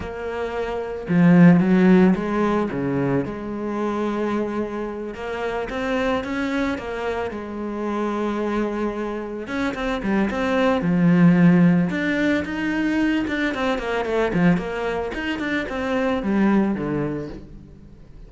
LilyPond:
\new Staff \with { instrumentName = "cello" } { \time 4/4 \tempo 4 = 111 ais2 f4 fis4 | gis4 cis4 gis2~ | gis4. ais4 c'4 cis'8~ | cis'8 ais4 gis2~ gis8~ |
gis4. cis'8 c'8 g8 c'4 | f2 d'4 dis'4~ | dis'8 d'8 c'8 ais8 a8 f8 ais4 | dis'8 d'8 c'4 g4 d4 | }